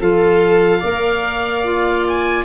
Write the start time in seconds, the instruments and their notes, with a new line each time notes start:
0.00 tuba F3, clarinet F4, viola A4, oboe F5
0.80 tuba A#3, clarinet A#4, viola D5
1.64 clarinet F4
2.08 oboe G#5